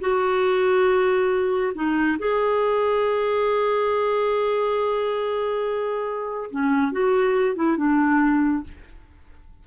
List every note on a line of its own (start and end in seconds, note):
0.00 1.73 F#4
1.74 2.18 D#4
2.18 6.50 G#4
6.51 6.92 C#4
6.92 7.55 F#4
7.55 7.77 E4
7.77 8.63 D4